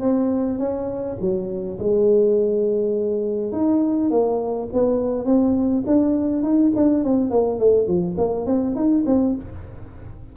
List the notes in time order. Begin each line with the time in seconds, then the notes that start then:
0.00 C4
0.58 C#4
1.20 F#3
1.79 G#3
3.52 D#4
4.10 A#3
4.73 B3
5.25 C4
5.86 D4
6.43 D#4
6.75 D4
7.04 C4
7.30 A#3
7.59 A3
7.87 F3
8.18 A#3
8.46 C4
8.75 D#4
9.06 C4